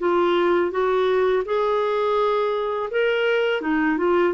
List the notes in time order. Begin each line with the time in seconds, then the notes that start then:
0.00 F4
0.72 F#4
1.46 G#4
2.91 A#4
3.62 D#4
3.98 F4